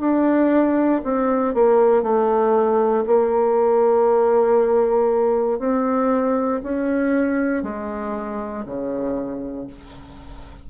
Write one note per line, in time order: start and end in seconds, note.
0.00 1.02 D4
1.04 1.54 C4
1.54 2.03 A#3
2.03 3.05 A3
3.07 5.59 A#3
5.59 6.61 C4
6.63 7.64 C#4
7.64 8.65 G#3
8.66 9.67 C#3